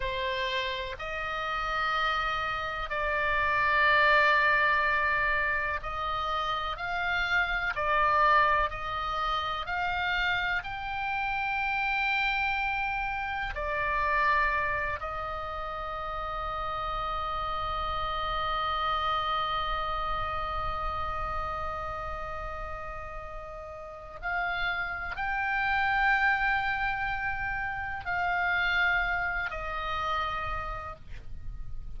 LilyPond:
\new Staff \with { instrumentName = "oboe" } { \time 4/4 \tempo 4 = 62 c''4 dis''2 d''4~ | d''2 dis''4 f''4 | d''4 dis''4 f''4 g''4~ | g''2 d''4. dis''8~ |
dis''1~ | dis''1~ | dis''4 f''4 g''2~ | g''4 f''4. dis''4. | }